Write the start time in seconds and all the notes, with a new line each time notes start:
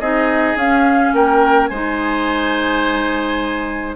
0.00 C4 D#4 G#4 D#5
0.55 C#4 F5
1.13 A#3 A#4 G5
1.67 G#3 C5 G#5
1.73 D#4